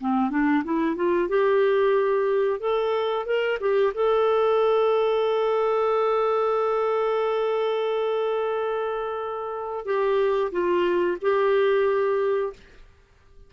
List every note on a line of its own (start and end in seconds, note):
0.00 0.30 C4
0.30 0.63 D4
0.64 0.95 E4
0.95 1.28 F4
1.28 2.59 G4
2.59 3.25 A4
3.25 3.58 A#4
3.60 3.93 G4
3.94 9.85 A4
9.85 10.51 G4
10.51 11.17 F4
11.21 12.53 G4